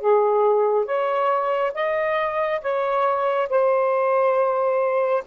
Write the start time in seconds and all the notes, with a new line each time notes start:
0.00 G#4
0.85 C#5
1.74 D#5
2.61 C#5
3.49 C5